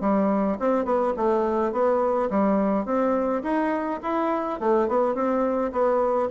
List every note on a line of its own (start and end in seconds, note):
0.00 0.57 G3
0.59 0.84 C4
0.84 1.13 B3
1.16 1.72 A3
1.72 2.29 B3
2.30 2.85 G3
2.85 3.42 C4
3.43 4.00 D#4
4.02 4.59 E4
4.59 4.88 A3
4.88 5.14 B3
5.14 5.71 C4
5.72 6.29 B3